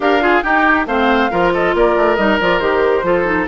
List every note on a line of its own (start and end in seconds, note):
0.00 0.41 D4
0.00 0.20 G4
0.00 0.22 A#4
0.00 0.42 F5
0.20 0.42 F4
0.20 0.43 G#4
0.42 0.86 D#4
0.42 0.87 G4
0.42 0.86 G5
0.86 1.29 A3
0.86 1.30 C4
0.86 1.31 C5
0.86 1.52 F5
1.30 1.73 F3
1.30 2.17 F4
1.30 1.52 A#4
1.53 1.75 A4
1.53 1.75 D#5
1.73 1.95 A#3
1.73 3.05 A#4
1.73 2.16 D5
1.96 2.17 A3
2.16 2.39 G3
2.16 2.39 D#4
2.16 2.37 D#5
2.40 2.59 F3
2.40 2.61 F4
2.40 2.59 D5
2.59 3.03 D#3
2.59 3.03 G4
2.59 3.46 C5
3.03 3.46 F3
3.03 3.24 F4
3.03 3.48 A4
3.24 3.46 D#4